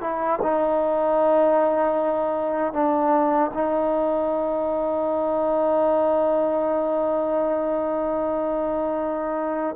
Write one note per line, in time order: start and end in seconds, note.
0.00 0.39 E4
0.42 2.72 D#4
2.72 3.50 D4
3.53 9.75 D#4